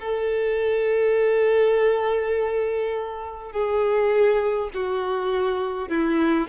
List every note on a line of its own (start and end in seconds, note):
0.00 3.52 A4
3.52 4.70 G#4
4.74 5.89 F#4
5.89 6.48 E4